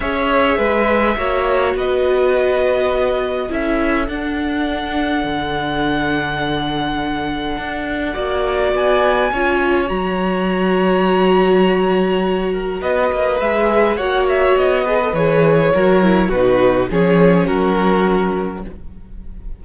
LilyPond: <<
  \new Staff \with { instrumentName = "violin" } { \time 4/4 \tempo 4 = 103 e''2. dis''4~ | dis''2 e''4 fis''4~ | fis''1~ | fis''2. gis''4~ |
gis''4 ais''2.~ | ais''2 dis''4 e''4 | fis''8 e''8 dis''4 cis''2 | b'4 cis''4 ais'2 | }
  \new Staff \with { instrumentName = "violin" } { \time 4/4 cis''4 b'4 cis''4 b'4~ | b'2 a'2~ | a'1~ | a'2 d''2 |
cis''1~ | cis''4. ais'8 b'2 | cis''4. b'4. ais'4 | fis'4 gis'4 fis'2 | }
  \new Staff \with { instrumentName = "viola" } { \time 4/4 gis'2 fis'2~ | fis'2 e'4 d'4~ | d'1~ | d'2 fis'2 |
f'4 fis'2.~ | fis'2. gis'4 | fis'4. gis'16 a'16 gis'4 fis'8 e'8 | dis'4 cis'2. | }
  \new Staff \with { instrumentName = "cello" } { \time 4/4 cis'4 gis4 ais4 b4~ | b2 cis'4 d'4~ | d'4 d2.~ | d4 d'4 ais4 b4 |
cis'4 fis2.~ | fis2 b8 ais8 gis4 | ais4 b4 e4 fis4 | b,4 f4 fis2 | }
>>